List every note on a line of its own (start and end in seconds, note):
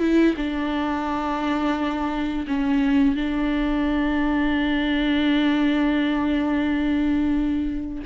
0.00 0.35 E4
0.37 2.46 D4
2.47 3.15 C#4
3.15 8.04 D4